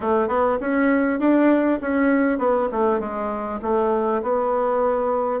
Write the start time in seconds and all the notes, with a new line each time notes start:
0.00 A3
0.28 B3
0.60 C#4
1.19 D4
1.81 C#4
2.38 B3
2.71 A3
2.99 G#3
3.62 A3
4.22 B3